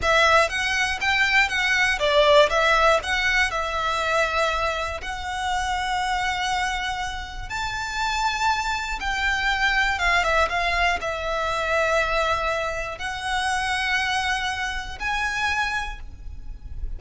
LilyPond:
\new Staff \with { instrumentName = "violin" } { \time 4/4 \tempo 4 = 120 e''4 fis''4 g''4 fis''4 | d''4 e''4 fis''4 e''4~ | e''2 fis''2~ | fis''2. a''4~ |
a''2 g''2 | f''8 e''8 f''4 e''2~ | e''2 fis''2~ | fis''2 gis''2 | }